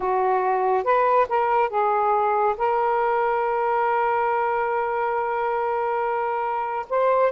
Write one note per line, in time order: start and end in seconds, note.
0.00 0.84 F#4
0.84 1.26 B4
1.28 1.69 A#4
1.69 2.55 G#4
2.57 6.86 A#4
6.89 7.31 C5